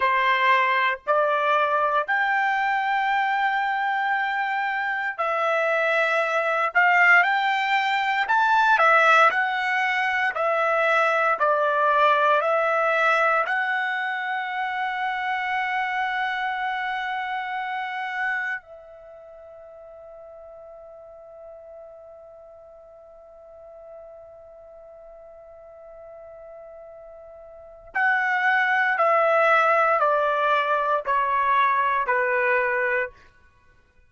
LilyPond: \new Staff \with { instrumentName = "trumpet" } { \time 4/4 \tempo 4 = 58 c''4 d''4 g''2~ | g''4 e''4. f''8 g''4 | a''8 e''8 fis''4 e''4 d''4 | e''4 fis''2.~ |
fis''2 e''2~ | e''1~ | e''2. fis''4 | e''4 d''4 cis''4 b'4 | }